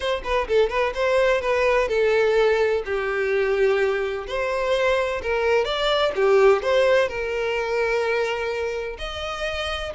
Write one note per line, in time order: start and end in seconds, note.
0.00 0.22 C5
0.24 0.47 B4
0.47 0.69 A4
0.69 0.93 B4
0.94 1.41 C5
1.41 1.88 B4
1.88 2.82 A4
2.85 4.26 G4
4.27 5.21 C5
5.22 5.64 A#4
5.64 6.12 D5
6.15 6.62 G4
6.62 7.08 C5
7.08 8.97 A#4
8.98 9.92 D#5